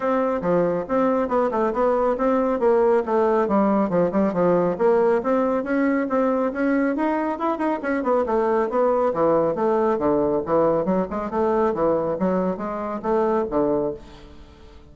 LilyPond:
\new Staff \with { instrumentName = "bassoon" } { \time 4/4 \tempo 4 = 138 c'4 f4 c'4 b8 a8 | b4 c'4 ais4 a4 | g4 f8 g8 f4 ais4 | c'4 cis'4 c'4 cis'4 |
dis'4 e'8 dis'8 cis'8 b8 a4 | b4 e4 a4 d4 | e4 fis8 gis8 a4 e4 | fis4 gis4 a4 d4 | }